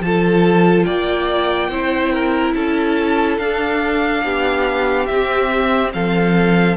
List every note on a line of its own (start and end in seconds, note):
0.00 0.85 F3
0.00 1.72 F4
0.00 0.86 A4
0.00 0.84 A5
0.84 1.69 A#3
0.84 1.70 D5
0.84 2.53 G5
1.69 2.53 C4
1.69 3.40 E4
1.69 2.12 C5
2.12 2.55 A#4
2.54 3.38 C#4
2.54 4.24 A4
2.54 3.38 A5
3.38 4.23 D4
3.38 5.09 D4
3.38 5.05 F5
4.24 5.08 B3
4.24 5.93 G4
5.05 5.94 C4
5.05 5.90 E5
5.12 6.76 C4
5.93 6.76 F3
5.93 6.76 A4
5.93 6.76 F5